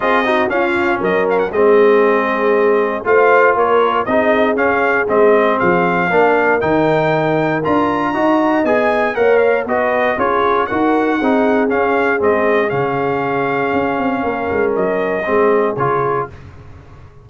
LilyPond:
<<
  \new Staff \with { instrumentName = "trumpet" } { \time 4/4 \tempo 4 = 118 dis''4 f''4 dis''8 f''16 fis''16 dis''4~ | dis''2 f''4 cis''4 | dis''4 f''4 dis''4 f''4~ | f''4 g''2 ais''4~ |
ais''4 gis''4 fis''8 f''8 dis''4 | cis''4 fis''2 f''4 | dis''4 f''2.~ | f''4 dis''2 cis''4 | }
  \new Staff \with { instrumentName = "horn" } { \time 4/4 gis'8 fis'8 f'4 ais'4 gis'4~ | gis'2 c''4 ais'4 | gis'1 | ais'1 |
dis''2 cis''4 b'4 | gis'4 ais'4 gis'2~ | gis'1 | ais'2 gis'2 | }
  \new Staff \with { instrumentName = "trombone" } { \time 4/4 f'8 dis'8 cis'2 c'4~ | c'2 f'2 | dis'4 cis'4 c'2 | d'4 dis'2 f'4 |
fis'4 gis'4 ais'4 fis'4 | f'4 fis'4 dis'4 cis'4 | c'4 cis'2.~ | cis'2 c'4 f'4 | }
  \new Staff \with { instrumentName = "tuba" } { \time 4/4 c'4 cis'4 fis4 gis4~ | gis2 a4 ais4 | c'4 cis'4 gis4 f4 | ais4 dis2 d'4 |
dis'4 b4 ais4 b4 | cis'4 dis'4 c'4 cis'4 | gis4 cis2 cis'8 c'8 | ais8 gis8 fis4 gis4 cis4 | }
>>